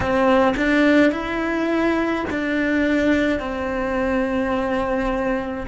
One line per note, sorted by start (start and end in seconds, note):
0.00 0.55 C4
0.57 1.11 D4
1.11 2.24 E4
2.30 3.40 D4
3.40 5.66 C4